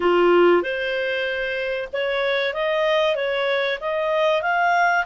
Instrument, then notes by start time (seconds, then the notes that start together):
clarinet
0.00 F4
0.62 C5
1.92 C#5
2.53 D#5
3.15 C#5
3.80 D#5
4.42 F5